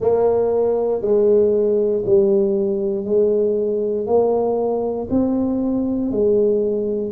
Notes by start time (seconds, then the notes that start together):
0.00 A#3
1.01 G#3
2.05 G3
3.04 G#3
4.06 A#3
5.09 C4
6.11 G#3